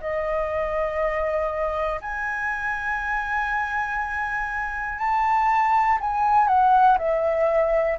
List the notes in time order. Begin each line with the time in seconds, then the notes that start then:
0.00 D#5
2.01 G#5
4.98 A5
6.00 G#5
6.47 F#5
6.98 E5